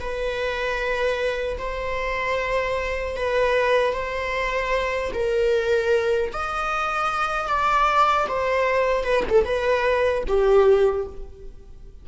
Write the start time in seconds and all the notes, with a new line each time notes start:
0.00 B4
1.59 C5
3.17 B4
3.93 C5
5.14 A#4
6.33 D#5
7.49 D5
8.29 C5
9.04 B4
9.30 A4
9.45 B4
10.28 G4